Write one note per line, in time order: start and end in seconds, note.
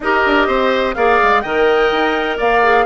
0.00 0.24 D#4
0.00 0.95 G4
0.00 0.47 A#4
0.00 0.94 D#5
0.25 0.47 D4
0.47 0.95 C4
0.47 0.95 C5
0.94 1.19 A#3
0.94 1.43 G#4
0.94 1.43 D5
0.94 1.41 F5
1.22 1.44 G#3
1.41 1.91 D#3
1.41 2.62 A#4
1.41 2.37 D#5
1.41 2.36 G5
1.91 2.38 D#4
2.37 2.86 A#3
2.37 2.85 D5
2.37 2.86 F5
2.62 2.86 G#4